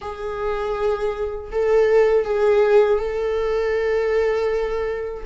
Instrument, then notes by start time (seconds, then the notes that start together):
viola
0.01 G#4
1.51 A4
2.24 G#4
2.98 A4